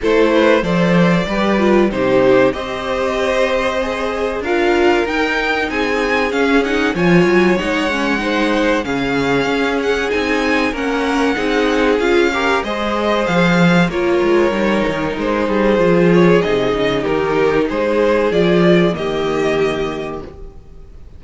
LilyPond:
<<
  \new Staff \with { instrumentName = "violin" } { \time 4/4 \tempo 4 = 95 c''4 d''2 c''4 | dis''2. f''4 | g''4 gis''4 f''8 fis''8 gis''4 | fis''2 f''4. fis''8 |
gis''4 fis''2 f''4 | dis''4 f''4 cis''2 | c''4. cis''8 dis''4 ais'4 | c''4 d''4 dis''2 | }
  \new Staff \with { instrumentName = "violin" } { \time 4/4 a'8 b'8 c''4 b'4 g'4 | c''2. ais'4~ | ais'4 gis'2 cis''4~ | cis''4 c''4 gis'2~ |
gis'4 ais'4 gis'4. ais'8 | c''2 ais'2~ | ais'8 gis'2~ gis'8 g'4 | gis'2 g'2 | }
  \new Staff \with { instrumentName = "viola" } { \time 4/4 e'4 a'4 g'8 f'8 dis'4 | g'2 gis'4 f'4 | dis'2 cis'8 dis'8 f'4 | dis'8 cis'8 dis'4 cis'2 |
dis'4 cis'4 dis'4 f'8 g'8 | gis'2 f'4 dis'4~ | dis'4 f'4 dis'2~ | dis'4 f'4 ais2 | }
  \new Staff \with { instrumentName = "cello" } { \time 4/4 a4 f4 g4 c4 | c'2. d'4 | dis'4 c'4 cis'4 f8 fis8 | gis2 cis4 cis'4 |
c'4 ais4 c'4 cis'4 | gis4 f4 ais8 gis8 g8 dis8 | gis8 g8 f4 c8 cis8 dis4 | gis4 f4 dis2 | }
>>